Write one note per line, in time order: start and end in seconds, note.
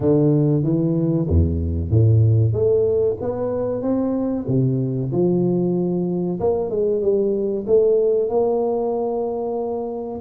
0.00 0.63 D3
0.63 1.26 E3
1.28 1.90 E2
1.90 2.52 A2
2.52 3.16 A3
3.21 3.82 B3
3.82 4.46 C4
4.47 5.11 C3
5.12 6.39 F3
6.39 6.70 A#3
6.70 7.01 G#3
7.01 7.65 G3
7.66 8.29 A3
8.29 10.20 A#3